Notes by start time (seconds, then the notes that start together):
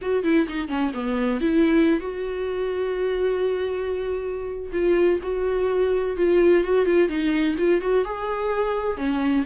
0.01 F#4
0.23 E4
0.47 D#4
0.68 C#4
0.93 B3
1.40 E4
2.00 F#4
4.72 F4
5.22 F#4
6.16 F4
6.64 F#4
6.85 F4
7.08 D#4
7.57 F4
7.81 F#4
8.04 G#4
8.97 C#4